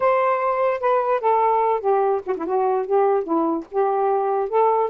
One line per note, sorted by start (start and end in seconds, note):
0.00 0.80 C5
0.80 1.20 B4
1.20 1.80 A4
1.80 2.21 G4
2.26 2.36 F#4
2.37 2.45 E4
2.45 2.86 F#4
2.86 3.23 G4
3.23 3.64 E4
3.71 4.49 G4
4.49 4.89 A4